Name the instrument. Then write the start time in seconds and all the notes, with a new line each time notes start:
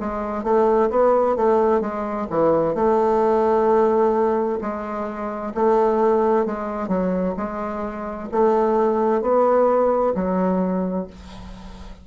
bassoon
0.00 G#3
0.44 A3
0.90 B3
1.36 A3
1.81 G#3
2.30 E3
2.75 A3
4.61 G#3
5.55 A3
6.46 G#3
6.89 F#3
7.37 G#3
8.32 A3
9.22 B3
10.15 F#3